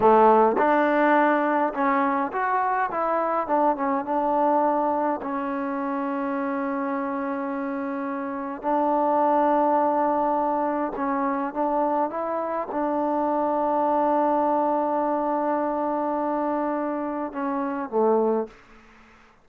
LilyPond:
\new Staff \with { instrumentName = "trombone" } { \time 4/4 \tempo 4 = 104 a4 d'2 cis'4 | fis'4 e'4 d'8 cis'8 d'4~ | d'4 cis'2.~ | cis'2. d'4~ |
d'2. cis'4 | d'4 e'4 d'2~ | d'1~ | d'2 cis'4 a4 | }